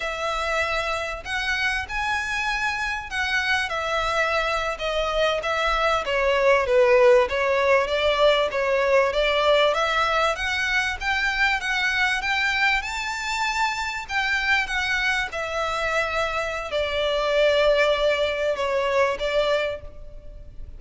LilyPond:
\new Staff \with { instrumentName = "violin" } { \time 4/4 \tempo 4 = 97 e''2 fis''4 gis''4~ | gis''4 fis''4 e''4.~ e''16 dis''16~ | dis''8. e''4 cis''4 b'4 cis''16~ | cis''8. d''4 cis''4 d''4 e''16~ |
e''8. fis''4 g''4 fis''4 g''16~ | g''8. a''2 g''4 fis''16~ | fis''8. e''2~ e''16 d''4~ | d''2 cis''4 d''4 | }